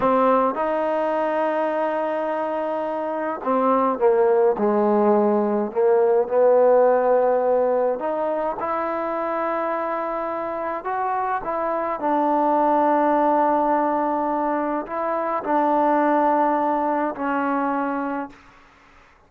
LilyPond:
\new Staff \with { instrumentName = "trombone" } { \time 4/4 \tempo 4 = 105 c'4 dis'2.~ | dis'2 c'4 ais4 | gis2 ais4 b4~ | b2 dis'4 e'4~ |
e'2. fis'4 | e'4 d'2.~ | d'2 e'4 d'4~ | d'2 cis'2 | }